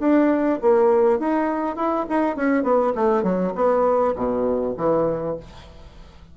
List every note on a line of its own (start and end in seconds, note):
0.00 0.59 D4
0.62 1.19 A#3
1.19 1.76 D#4
1.76 2.06 E4
2.09 2.36 D#4
2.36 2.63 C#4
2.63 2.93 B3
2.95 3.23 A3
3.23 3.53 F#3
3.55 4.15 B3
4.16 4.75 B2
4.77 5.37 E3